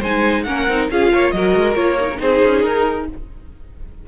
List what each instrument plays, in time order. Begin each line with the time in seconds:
0.00 cello G#3, viola D#4, violin C5 G#5
0.44 cello A#3, viola C#4, violin A#4 F#5
0.68 cello C4, viola D#4
0.91 cello C#4, viola F4, violin G#4 F5
1.13 cello A#3, violin C#5
1.31 cello F#3, viola F#4, violin A#4 D#5
1.55 cello G#3
1.75 cello A#3, viola F4, violin C#5
2.00 viola D#4
2.12 viola C#4 D#4
2.20 cello C4, violin G#4 C5
2.44 cello C#4
2.62 cello D#4, violin A#4